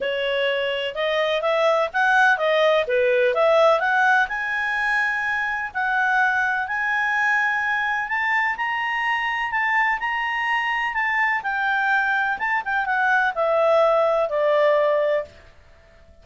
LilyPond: \new Staff \with { instrumentName = "clarinet" } { \time 4/4 \tempo 4 = 126 cis''2 dis''4 e''4 | fis''4 dis''4 b'4 e''4 | fis''4 gis''2. | fis''2 gis''2~ |
gis''4 a''4 ais''2 | a''4 ais''2 a''4 | g''2 a''8 g''8 fis''4 | e''2 d''2 | }